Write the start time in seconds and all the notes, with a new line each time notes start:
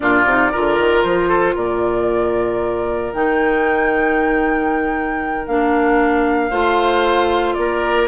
0.00 A#2 D4 F4 D5
0.25 C3 D#4
0.51 D3 F4 A#4
0.78 D#3
1.02 F3 C5
1.28 A4
1.55 A#2 A#4 D5
3.13 D#3 D#4 G5
5.47 A#3 D4 F5
6.50 A3 F4 C5
7.54 A#3 D5
7.60 A#4